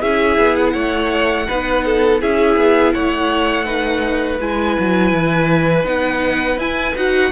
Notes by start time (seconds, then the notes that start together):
0.00 C#4 E4 G#4 E5
0.38 B3
0.56 F#5
0.73 A3 C#5
1.48 B3 D#4 B4
1.86 A4
2.21 C#4 E4 G#4 E5
2.56 B3
2.93 A3 C#5 F#5
3.64 D#4 B4
4.40 G#3 E4 G#5
4.79 F#3
5.12 E3
5.84 B3 D#4 F#5
6.57 E4 G#5
6.95 D#4 F#4 F#5